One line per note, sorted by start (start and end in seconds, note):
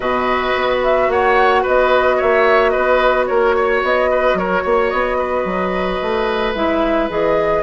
0.00 0.53 B2
0.00 6.54 F#4
0.00 1.07 B4
0.00 0.78 D#5
0.55 1.08 B3
0.83 1.10 E5
1.08 1.63 A#3
1.08 1.62 C#5
1.08 1.65 F#5
1.62 2.21 B3
1.62 2.17 B4
1.62 2.21 D#5
2.17 2.75 A#3
2.17 2.71 C#5
2.17 2.69 E5
2.69 3.26 B4
2.69 3.24 D#5
2.75 3.30 B3
3.26 3.82 A#3
3.26 3.55 A#4
3.26 3.81 C#5
3.55 4.10 C#5
3.82 4.34 B3
3.82 4.37 D#5
4.10 4.38 B4
4.34 4.61 F#3
4.34 4.62 A#4
4.34 4.90 C#5
4.62 4.92 A#3
4.62 5.17 C#5
4.90 5.44 B3
4.90 6.53 D#5
5.18 7.63 B4
5.44 5.99 F#3
6.01 6.55 A3
6.54 7.09 G#3
6.54 7.09 E4
6.54 7.09 E5
7.09 7.63 E3
7.09 7.63 G#4
7.09 7.63 D#5